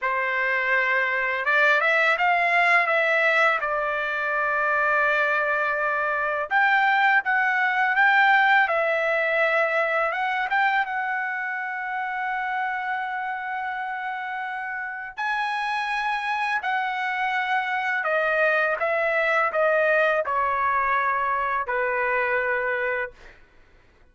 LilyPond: \new Staff \with { instrumentName = "trumpet" } { \time 4/4 \tempo 4 = 83 c''2 d''8 e''8 f''4 | e''4 d''2.~ | d''4 g''4 fis''4 g''4 | e''2 fis''8 g''8 fis''4~ |
fis''1~ | fis''4 gis''2 fis''4~ | fis''4 dis''4 e''4 dis''4 | cis''2 b'2 | }